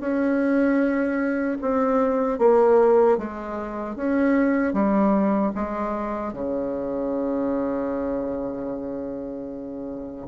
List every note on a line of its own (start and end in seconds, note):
0.00 1.58 C#4
1.61 2.39 C4
2.39 3.18 A#3
3.18 3.96 G#3
3.96 4.73 C#4
4.73 5.52 G3
5.55 6.33 G#3
6.33 10.28 C#3